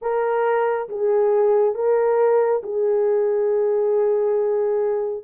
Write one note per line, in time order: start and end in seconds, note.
0.01 0.88 A#4
0.88 1.74 G#4
1.74 2.61 A#4
2.63 5.23 G#4